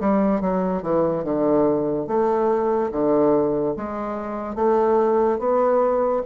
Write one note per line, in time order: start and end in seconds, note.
0.00 0.41 G3
0.41 0.82 F#3
0.82 1.24 E3
1.24 2.07 D3
2.07 2.91 A3
2.91 3.75 D3
3.76 4.55 G#3
4.55 5.39 A3
5.39 6.22 B3